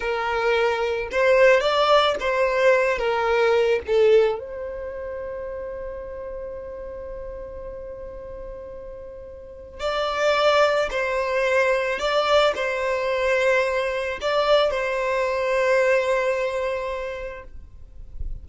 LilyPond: \new Staff \with { instrumentName = "violin" } { \time 4/4 \tempo 4 = 110 ais'2 c''4 d''4 | c''4. ais'4. a'4 | c''1~ | c''1~ |
c''2 d''2 | c''2 d''4 c''4~ | c''2 d''4 c''4~ | c''1 | }